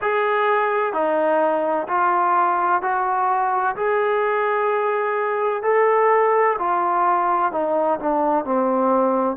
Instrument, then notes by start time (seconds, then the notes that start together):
trombone
0.01 G#4
0.93 D#4
1.87 F4
2.82 F#4
3.76 G#4
5.62 A4
6.58 F4
7.52 D#4
7.99 D4
8.45 C4